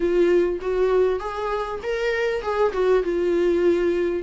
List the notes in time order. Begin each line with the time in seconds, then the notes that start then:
0.00 F4
0.61 F#4
1.19 G#4
1.83 A#4
2.42 G#4
2.72 F#4
3.03 F4